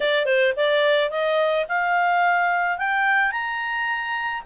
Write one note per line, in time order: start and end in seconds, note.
0.00 0.25 D5
0.25 0.53 C5
0.56 1.10 D5
1.10 1.66 D#5
1.68 2.78 F5
2.78 3.31 G5
3.31 4.42 A#5